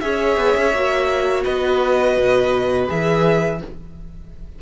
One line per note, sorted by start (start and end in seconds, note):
0.00 0.36 C#4
0.00 0.73 G#4
0.00 1.44 C#5
0.00 1.43 E5
0.36 0.54 B3
0.56 0.73 C#4
0.73 1.45 A#3
0.73 2.87 F#4
1.44 2.17 B3
1.44 3.58 B4
1.44 2.87 D#5
2.17 2.88 B2
2.87 3.61 E3
2.87 3.58 G#4
2.87 3.61 E5